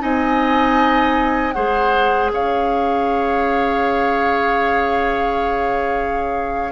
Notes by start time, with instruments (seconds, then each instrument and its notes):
0.00 bassoon C4, clarinet D#4, oboe D#5, flute G#5
1.53 bassoon G#3, clarinet G#4, oboe C5, flute F#5
2.33 bassoon C#4, oboe C#5, flute F5